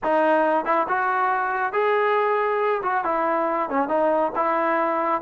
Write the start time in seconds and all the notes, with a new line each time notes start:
0.03 D#4
0.65 E4
0.88 F#4
1.73 G#4
2.82 F#4
3.04 E4
3.69 C#4
3.88 D#4
4.35 E4